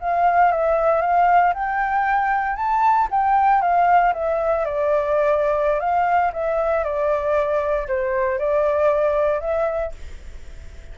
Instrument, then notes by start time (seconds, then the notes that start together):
flute
0.00 F5
0.51 E5
1.02 F5
1.54 G5
2.56 A5
3.11 G5
3.61 F5
4.13 E5
4.65 D5
5.80 F5
6.33 E5
6.84 D5
7.88 C5
8.38 D5
9.40 E5